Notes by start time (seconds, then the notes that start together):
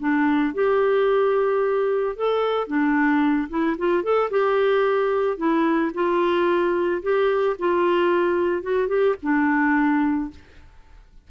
0.00 D4
0.54 G4
2.16 A4
2.67 D4
3.49 E4
3.78 F4
4.03 A4
4.30 G4
5.38 E4
5.94 F4
7.02 G4
7.59 F4
8.63 F#4
8.88 G4
9.22 D4